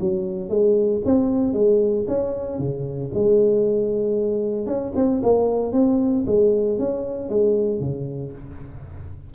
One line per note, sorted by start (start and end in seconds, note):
0.00 0.49 F#3
0.49 1.01 G#3
1.05 1.53 C4
1.53 2.05 G#3
2.07 2.58 C#4
2.58 3.11 C#3
3.14 4.66 G#3
4.66 4.92 C#4
4.95 5.22 C4
5.23 5.72 A#3
5.72 6.25 C4
6.26 6.78 G#3
6.79 7.29 C#4
7.29 7.80 G#3
7.80 8.32 C#3